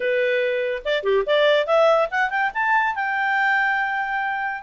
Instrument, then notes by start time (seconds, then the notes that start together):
clarinet
0.00 B4
0.84 D5
1.03 G4
1.26 D5
1.66 E5
2.11 F#5
2.29 G5
2.53 A5
2.95 G5